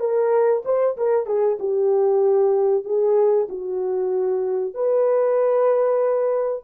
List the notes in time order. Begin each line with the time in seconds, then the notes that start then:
0.00 A#4
0.65 C5
0.97 A#4
1.27 G#4
1.60 G4
2.85 G#4
3.49 F#4
4.75 B4